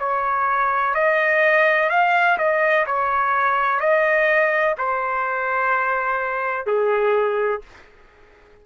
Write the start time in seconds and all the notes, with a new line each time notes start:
0.00 C#5
0.95 D#5
1.90 F5
2.38 D#5
2.87 C#5
3.80 D#5
4.78 C5
6.67 G#4